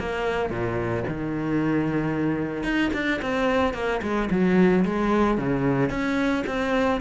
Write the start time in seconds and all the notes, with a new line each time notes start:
0.00 A#3
0.50 A#2
1.08 D#3
2.64 D#4
2.94 D4
3.23 C4
3.74 A#3
4.03 G#3
4.31 F#3
4.86 G#3
5.38 C#3
5.90 C#4
6.47 C4